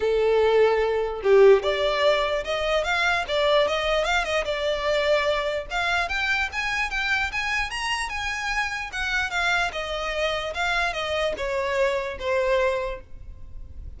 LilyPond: \new Staff \with { instrumentName = "violin" } { \time 4/4 \tempo 4 = 148 a'2. g'4 | d''2 dis''4 f''4 | d''4 dis''4 f''8 dis''8 d''4~ | d''2 f''4 g''4 |
gis''4 g''4 gis''4 ais''4 | gis''2 fis''4 f''4 | dis''2 f''4 dis''4 | cis''2 c''2 | }